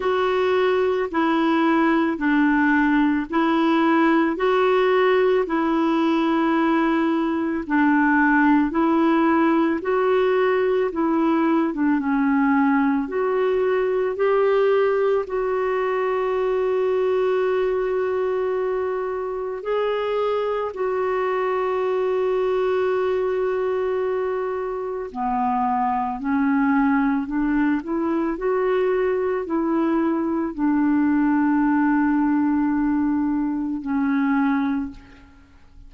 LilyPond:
\new Staff \with { instrumentName = "clarinet" } { \time 4/4 \tempo 4 = 55 fis'4 e'4 d'4 e'4 | fis'4 e'2 d'4 | e'4 fis'4 e'8. d'16 cis'4 | fis'4 g'4 fis'2~ |
fis'2 gis'4 fis'4~ | fis'2. b4 | cis'4 d'8 e'8 fis'4 e'4 | d'2. cis'4 | }